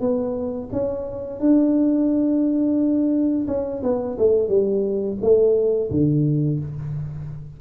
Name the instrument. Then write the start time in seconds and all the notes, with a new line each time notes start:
tuba
0.00 B3
0.72 C#4
1.39 D4
3.47 C#4
3.83 B3
4.18 A3
4.48 G3
5.21 A3
5.90 D3